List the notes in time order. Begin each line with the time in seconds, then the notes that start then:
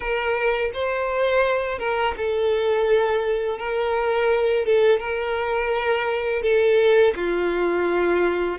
0.00 A#4
0.73 C5
1.79 A#4
2.17 A4
3.58 A#4
4.65 A4
4.99 A#4
6.42 A4
7.15 F4